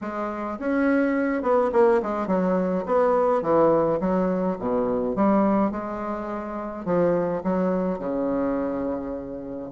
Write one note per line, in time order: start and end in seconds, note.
0.01 0.58 G#3
0.59 1.42 C#4
1.42 1.71 B3
1.72 2.01 A#3
2.02 2.27 G#3
2.27 2.84 F#3
2.86 3.42 B3
3.42 3.99 E3
4.00 4.57 F#3
4.59 5.15 B2
5.15 5.71 G3
5.71 6.85 G#3
6.85 7.42 F3
7.43 7.98 F#3
7.98 9.70 C#3